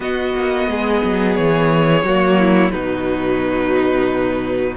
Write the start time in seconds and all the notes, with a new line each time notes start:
0.00 B3 F#4 D#5
0.34 A#3
0.67 G#3 G#4
1.04 F#3
1.35 E3 C#5
2.02 F#3 A#3 F#4
2.38 E4
2.70 B2 F#3 D#4 B4